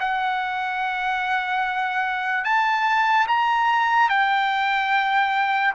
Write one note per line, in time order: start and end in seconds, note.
0.00 2.45 F#5
2.45 3.27 A5
3.28 4.09 A#5
4.09 5.74 G5